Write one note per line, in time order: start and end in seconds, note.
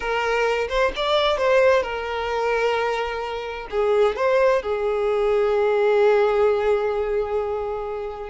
0.00 0.68 A#4
0.69 0.92 C5
0.96 1.37 D5
1.37 1.83 C5
1.83 3.67 A#4
3.70 4.16 G#4
4.16 4.62 C5
4.62 8.29 G#4